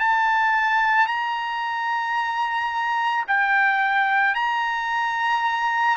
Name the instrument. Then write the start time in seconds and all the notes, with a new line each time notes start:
trumpet
0.00 A5
1.07 A#5
3.28 G5
4.35 A#5